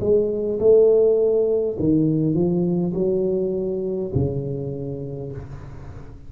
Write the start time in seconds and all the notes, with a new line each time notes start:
0.00 G#3
0.59 A3
1.79 D#3
2.34 F3
2.94 F#3
4.14 C#3